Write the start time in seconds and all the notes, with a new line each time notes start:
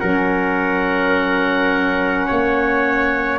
0.00 F#3 C#4 A#4 F#5
2.27 A#3 C#5